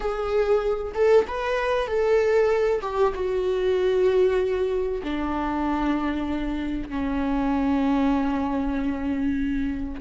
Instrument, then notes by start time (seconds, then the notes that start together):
viola
0.00 G#4
0.94 A4
1.27 B4
1.87 A4
2.81 G4
3.14 F#4
5.03 D4
6.89 C#4